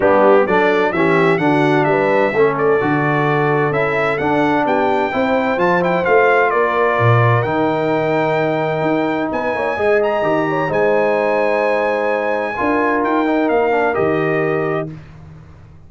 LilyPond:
<<
  \new Staff \with { instrumentName = "trumpet" } { \time 4/4 \tempo 4 = 129 g'4 d''4 e''4 fis''4 | e''4. d''2~ d''8 | e''4 fis''4 g''2 | a''8 g''8 f''4 d''2 |
g''1 | gis''4. ais''4. gis''4~ | gis''1 | g''4 f''4 dis''2 | }
  \new Staff \with { instrumentName = "horn" } { \time 4/4 d'4 a'4 g'4 fis'4 | b'4 a'2.~ | a'2 g'4 c''4~ | c''2 ais'2~ |
ais'1 | b'8 cis''8 dis''4. cis''8 c''4~ | c''2. ais'4~ | ais'1 | }
  \new Staff \with { instrumentName = "trombone" } { \time 4/4 b4 d'4 cis'4 d'4~ | d'4 cis'4 fis'2 | e'4 d'2 e'4 | f'8 e'8 f'2. |
dis'1~ | dis'4 gis'4 g'4 dis'4~ | dis'2. f'4~ | f'8 dis'4 d'8 g'2 | }
  \new Staff \with { instrumentName = "tuba" } { \time 4/4 g4 fis4 e4 d4 | g4 a4 d2 | cis'4 d'4 b4 c'4 | f4 a4 ais4 ais,4 |
dis2. dis'4 | b8 ais8 gis4 dis4 gis4~ | gis2. d'4 | dis'4 ais4 dis2 | }
>>